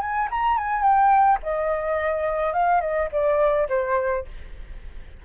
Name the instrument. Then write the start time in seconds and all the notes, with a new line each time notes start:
flute
0.00 G#5
0.30 A#5
0.57 G#5
0.82 G5
1.42 D#5
2.53 F5
2.80 D#5
3.12 D5
3.69 C5